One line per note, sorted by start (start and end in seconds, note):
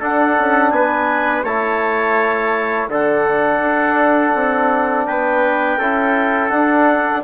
0.00 1.45 D4
0.00 0.36 D4
0.00 0.72 A4
0.00 0.70 F#5
0.38 0.71 C#4
0.70 1.43 B3
0.70 1.44 B4
0.70 1.43 G#5
1.43 2.88 A3
1.43 2.90 E4
1.43 2.88 C#5
1.43 2.88 A5
2.88 3.59 D3
2.88 5.79 D4
2.88 5.07 A4
2.88 5.06 F#5
3.59 4.31 D4
4.34 5.07 C4
5.06 5.78 B3
5.06 5.78 B4
5.06 6.49 G5
5.78 6.51 C#4
5.78 6.49 E4
5.78 7.23 A4
6.49 7.22 D4
6.49 7.23 D4
6.49 7.21 F#5